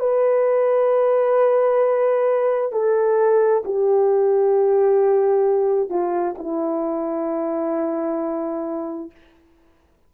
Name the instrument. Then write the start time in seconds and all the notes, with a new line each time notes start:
horn
0.00 B4
2.73 A4
3.65 G4
5.90 F4
6.38 E4